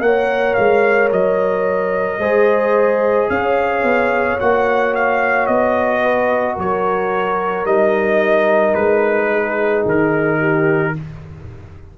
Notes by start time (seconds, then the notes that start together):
0.00 A#3 A#4 C#5 F#5
0.54 G#3 F5
1.11 F#3 D#5
2.18 G#3 G#4 C5
3.29 C#4 C#5 F5
3.83 B3
4.40 A#3 F#4 F#5
4.95 F5
5.46 B3 D#5
6.02 B4
6.55 F#3 A#4 C#5
7.64 G3 D#4 D#5
8.74 G#3 B4
9.31 G#4
9.85 D#3 A#4
10.39 G4